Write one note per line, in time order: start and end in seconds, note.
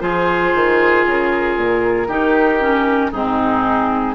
0.00 0.53 F3
0.00 2.07 F4
0.00 2.08 G#4
0.00 1.04 C5
0.55 1.06 D#3
1.06 1.56 C#3
1.06 3.12 A#4
1.56 2.08 A#2
2.08 3.12 D#3
2.08 2.60 D#4
2.08 3.11 G4
2.60 3.12 C#4
3.11 4.14 G#2
3.11 4.14 C4
3.11 4.14 D#4
3.11 4.14 G#4